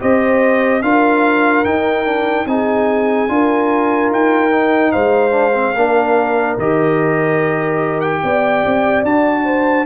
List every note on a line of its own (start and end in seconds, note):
0.00 0.82 C4
0.00 0.82 G4
0.00 0.84 C5
0.00 0.83 D#5
0.82 1.65 D4
0.82 1.65 F4
0.82 2.48 A#4
0.82 1.65 F5
1.65 2.46 D#4
1.65 2.05 D#4
1.65 2.47 G5
2.05 2.46 D4
2.46 3.28 C4
2.46 3.28 D#4
2.46 3.33 G#4
2.46 4.11 G#5
3.28 4.11 D4
3.28 4.51 F4
3.28 4.92 A#4
4.11 4.93 D#4
4.11 4.92 G5
4.51 5.31 D#4
4.92 5.75 G#3
4.92 5.75 C5
4.92 6.57 F5
5.31 5.52 D4
5.54 5.75 C4
5.75 6.57 A#3
5.75 6.59 D4
5.75 8.23 A#4
6.58 8.22 D#3
6.58 9.06 G4
6.58 8.01 D#5
8.01 9.03 G5
8.23 8.65 B3
8.23 9.45 D5
8.65 9.04 C4
9.04 9.86 D4
9.04 9.86 F#4
9.04 9.86 A5
9.45 9.86 C5